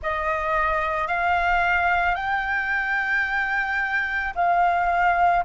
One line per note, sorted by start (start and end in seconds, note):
0.02 1.07 D#5
1.07 2.15 F5
2.15 4.33 G5
4.35 5.44 F5